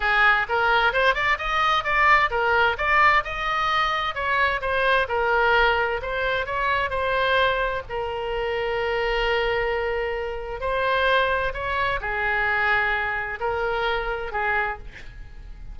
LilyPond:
\new Staff \with { instrumentName = "oboe" } { \time 4/4 \tempo 4 = 130 gis'4 ais'4 c''8 d''8 dis''4 | d''4 ais'4 d''4 dis''4~ | dis''4 cis''4 c''4 ais'4~ | ais'4 c''4 cis''4 c''4~ |
c''4 ais'2.~ | ais'2. c''4~ | c''4 cis''4 gis'2~ | gis'4 ais'2 gis'4 | }